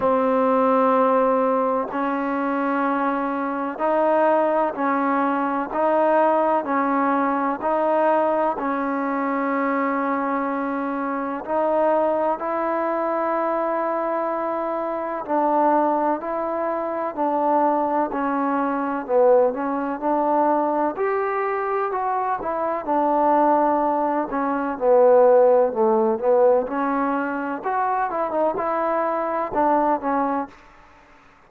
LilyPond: \new Staff \with { instrumentName = "trombone" } { \time 4/4 \tempo 4 = 63 c'2 cis'2 | dis'4 cis'4 dis'4 cis'4 | dis'4 cis'2. | dis'4 e'2. |
d'4 e'4 d'4 cis'4 | b8 cis'8 d'4 g'4 fis'8 e'8 | d'4. cis'8 b4 a8 b8 | cis'4 fis'8 e'16 dis'16 e'4 d'8 cis'8 | }